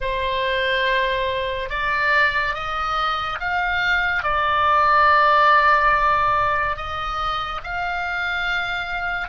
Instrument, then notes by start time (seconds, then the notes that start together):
oboe
0.00 C5
1.69 D5
2.54 D#5
3.40 F5
4.23 D5
6.76 D#5
7.63 F5